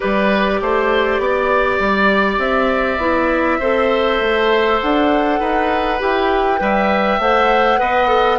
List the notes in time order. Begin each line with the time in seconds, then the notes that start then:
0.00 G3 G4 B4 D5
0.61 A3 C5
1.19 B3 D5
1.79 G3
2.38 C4 E5
2.98 B3 E4
3.59 C4 A4 C5
4.20 A3
4.80 D4 F#5
5.39 D#4 B4
5.99 E4 G4 G5
6.58 G3 B4 E5
7.19 A3 C5 F#5
7.79 B3 B4 D#5
8.08 A4